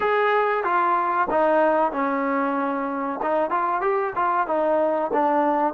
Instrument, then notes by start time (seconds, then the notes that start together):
trombone
0.00 G#4
0.64 F4
1.30 D#4
1.92 C#4
3.22 D#4
3.50 F4
3.81 G4
4.15 F4
4.47 D#4
5.13 D4